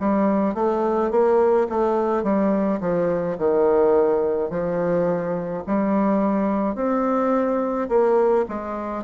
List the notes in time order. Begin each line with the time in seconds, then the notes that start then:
0.00 G3
0.55 A3
1.11 A#3
1.70 A3
2.23 G3
2.81 F3
3.38 D#3
4.50 F3
5.67 G3
6.75 C4
7.89 A#3
8.49 G#3